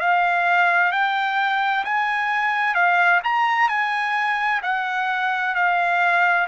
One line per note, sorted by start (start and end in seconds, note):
0.00 0.91 F5
0.91 1.84 G5
1.85 2.74 G#5
2.74 3.21 F5
3.23 3.68 A#5
3.68 4.61 G#5
4.62 5.55 F#5
5.55 6.47 F5